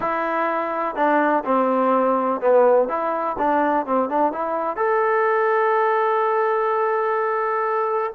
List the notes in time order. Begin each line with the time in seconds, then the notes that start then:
0.00 E4
0.95 D4
1.44 C4
2.40 B3
2.88 E4
3.38 D4
3.86 C4
4.09 D4
4.32 E4
4.76 A4